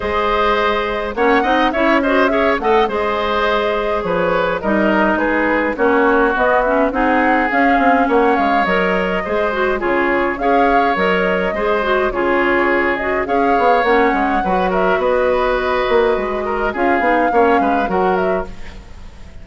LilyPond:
<<
  \new Staff \with { instrumentName = "flute" } { \time 4/4 \tempo 4 = 104 dis''2 fis''4 e''8 dis''8 | e''8 fis''8 dis''2 cis''4 | dis''4 b'4 cis''4 dis''8 e''8 | fis''4 f''4 fis''8 f''8 dis''4~ |
dis''4 cis''4 f''4 dis''4~ | dis''4 cis''4. dis''8 f''4 | fis''4. e''8 dis''2~ | dis''4 f''2 fis''8 e''8 | }
  \new Staff \with { instrumentName = "oboe" } { \time 4/4 c''2 cis''8 dis''8 cis''8 c''8 | cis''8 dis''8 c''2 b'4 | ais'4 gis'4 fis'2 | gis'2 cis''2 |
c''4 gis'4 cis''2 | c''4 gis'2 cis''4~ | cis''4 b'8 ais'8 b'2~ | b'8 ais'8 gis'4 cis''8 b'8 ais'4 | }
  \new Staff \with { instrumentName = "clarinet" } { \time 4/4 gis'2 cis'8 dis'8 e'8 fis'8 | gis'8 a'8 gis'2. | dis'2 cis'4 b8 cis'8 | dis'4 cis'2 ais'4 |
gis'8 fis'8 f'4 gis'4 ais'4 | gis'8 fis'8 f'4. fis'8 gis'4 | cis'4 fis'2.~ | fis'4 f'8 dis'8 cis'4 fis'4 | }
  \new Staff \with { instrumentName = "bassoon" } { \time 4/4 gis2 ais8 c'8 cis'4~ | cis'8 a8 gis2 f4 | g4 gis4 ais4 b4 | c'4 cis'8 c'8 ais8 gis8 fis4 |
gis4 cis4 cis'4 fis4 | gis4 cis2 cis'8 b8 | ais8 gis8 fis4 b4. ais8 | gis4 cis'8 b8 ais8 gis8 fis4 | }
>>